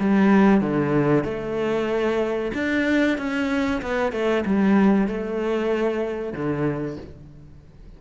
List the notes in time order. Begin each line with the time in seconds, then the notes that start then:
0.00 G3
0.61 D3
1.24 A3
2.54 D4
3.18 C#4
3.82 B3
4.13 A3
4.46 G3
5.08 A3
6.33 D3